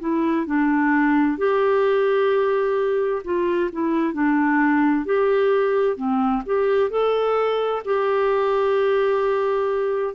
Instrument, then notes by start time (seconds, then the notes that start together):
clarinet
0.00 E4
0.47 D4
1.38 G4
3.24 F4
3.73 E4
4.14 D4
5.06 G4
5.97 C4
6.46 G4
6.90 A4
7.85 G4